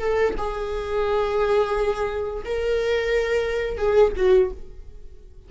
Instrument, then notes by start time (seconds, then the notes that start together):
viola
0.00 A4
0.38 G#4
2.45 A#4
3.78 G#4
4.17 F#4